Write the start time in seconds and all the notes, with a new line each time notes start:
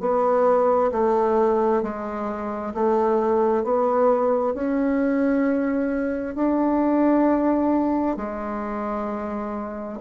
0.00 B3
0.92 A3
1.83 G#3
2.74 A3
3.64 B3
4.55 C#4
6.35 D4
8.17 G#3